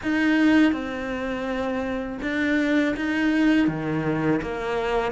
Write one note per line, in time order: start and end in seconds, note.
0.02 0.72 D#4
0.72 2.18 C4
2.22 2.95 D4
2.96 3.67 D#4
3.67 4.40 D#3
4.42 5.12 A#3